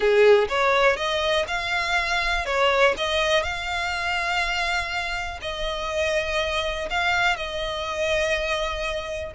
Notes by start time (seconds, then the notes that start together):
0.00 G#4
0.48 C#5
0.96 D#5
1.47 F5
2.45 C#5
2.97 D#5
3.42 F5
5.41 D#5
6.90 F5
7.36 D#5